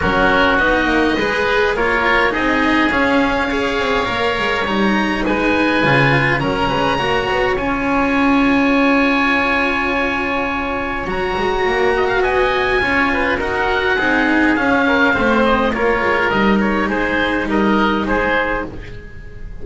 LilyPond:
<<
  \new Staff \with { instrumentName = "oboe" } { \time 4/4 \tempo 4 = 103 ais'4 dis''2 cis''4 | dis''4 f''2. | ais''4 gis''2 ais''4~ | ais''4 gis''2.~ |
gis''2. ais''4~ | ais''4 gis''2 fis''4~ | fis''4 f''4. dis''8 cis''4 | dis''8 cis''8 c''4 dis''4 c''4 | }
  \new Staff \with { instrumentName = "oboe" } { \time 4/4 fis'2 b'4 ais'4 | gis'2 cis''2~ | cis''4 b'2 ais'8 b'8 | cis''1~ |
cis''1~ | cis''8 dis''16 f''16 dis''4 cis''8 b'8 ais'4 | gis'4. ais'8 c''4 ais'4~ | ais'4 gis'4 ais'4 gis'4 | }
  \new Staff \with { instrumentName = "cello" } { \time 4/4 cis'4 dis'4 gis'4 f'4 | dis'4 cis'4 gis'4 ais'4 | dis'2 f'4 cis'4 | fis'4 f'2.~ |
f'2. fis'4~ | fis'2 f'4 fis'4 | dis'4 cis'4 c'4 f'4 | dis'1 | }
  \new Staff \with { instrumentName = "double bass" } { \time 4/4 fis4 b8 ais8 gis4 ais4 | c'4 cis'4. c'8 ais8 gis8 | g4 gis4 cis4 fis8 gis8 | ais8 b8 cis'2.~ |
cis'2. fis8 gis8 | ais4 b4 cis'4 dis'4 | c'4 cis'4 a4 ais8 gis8 | g4 gis4 g4 gis4 | }
>>